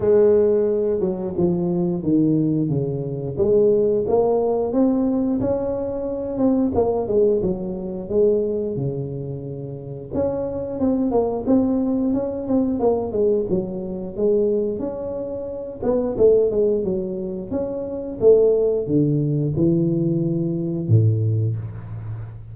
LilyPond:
\new Staff \with { instrumentName = "tuba" } { \time 4/4 \tempo 4 = 89 gis4. fis8 f4 dis4 | cis4 gis4 ais4 c'4 | cis'4. c'8 ais8 gis8 fis4 | gis4 cis2 cis'4 |
c'8 ais8 c'4 cis'8 c'8 ais8 gis8 | fis4 gis4 cis'4. b8 | a8 gis8 fis4 cis'4 a4 | d4 e2 a,4 | }